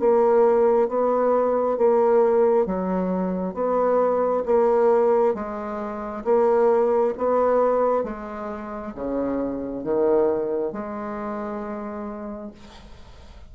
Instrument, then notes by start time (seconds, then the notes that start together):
bassoon
0.00 A#3
0.89 B3
1.78 A#3
2.67 F#3
3.55 B3
4.46 A#3
5.35 G#3
6.25 A#3
7.18 B3
8.04 G#3
8.96 C#3
9.84 D#3
10.73 G#3